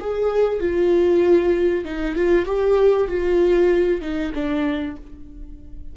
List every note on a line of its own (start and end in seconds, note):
0.00 0.60 G#4
0.60 1.85 F4
1.85 2.16 D#4
2.16 2.46 F4
2.46 3.08 G4
3.08 4.01 F4
4.01 4.33 D#4
4.34 4.97 D4